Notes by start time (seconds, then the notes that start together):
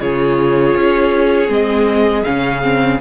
0.00 C#3 F4 G#4 C#5
0.76 C#4
1.48 G#3 C4 D#5
2.24 C#3 C#4 F5
2.62 C4